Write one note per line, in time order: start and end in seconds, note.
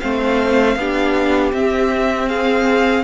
0.00 0.76 A3
0.00 0.77 C4
0.00 0.78 C5
0.00 1.52 F5
0.76 1.52 B3
0.76 1.53 D4
0.76 2.29 G4
1.52 3.04 C4
1.52 2.28 E5
2.28 3.04 G#4
2.28 3.04 F5